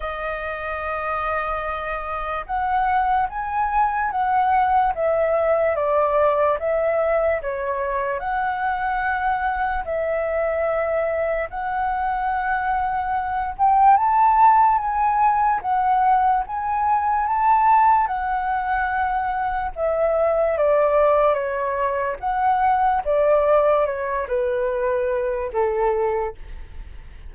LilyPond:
\new Staff \with { instrumentName = "flute" } { \time 4/4 \tempo 4 = 73 dis''2. fis''4 | gis''4 fis''4 e''4 d''4 | e''4 cis''4 fis''2 | e''2 fis''2~ |
fis''8 g''8 a''4 gis''4 fis''4 | gis''4 a''4 fis''2 | e''4 d''4 cis''4 fis''4 | d''4 cis''8 b'4. a'4 | }